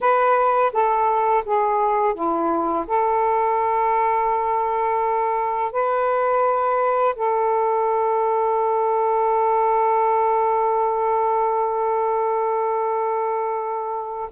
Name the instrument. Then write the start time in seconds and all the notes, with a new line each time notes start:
saxophone
0.00 B4
0.72 A4
1.45 G#4
2.14 E4
2.87 A4
5.71 B4
7.15 A4